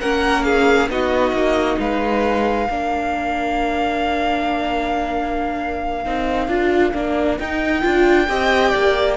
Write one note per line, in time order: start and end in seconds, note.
0.00 0.89 A#3
0.00 0.89 C#4
0.00 0.45 A#4
0.00 0.43 F#5
0.43 0.90 G#4
0.43 0.88 F5
0.89 1.32 B3
0.89 2.68 D#4
0.89 1.80 F#4
0.89 1.79 D#5
1.32 1.76 A#3
1.78 2.68 G#3
1.78 2.69 B4
1.78 7.39 F5
2.69 6.05 A#3
2.69 6.05 D4
2.69 8.28 A#4
6.05 6.48 C4
6.05 6.49 D#4
6.48 6.93 D4
6.48 6.93 F4
6.93 7.38 A#3
6.93 7.38 D4
7.38 7.83 D#4
7.38 7.81 D#4
7.38 9.17 G5
7.81 8.28 D4
7.81 8.26 F4
8.28 8.73 C4
8.28 9.17 G4
8.28 8.70 D#5
8.70 9.17 A#3
8.70 9.15 D5